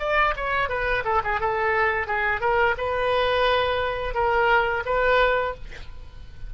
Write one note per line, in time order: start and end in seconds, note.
0.00 0.34 D5
0.37 0.69 C#5
0.69 1.04 B4
1.05 1.22 A4
1.24 1.41 G#4
1.41 2.08 A4
2.08 2.41 G#4
2.41 2.75 A#4
2.78 4.15 B4
4.15 4.84 A#4
4.86 5.55 B4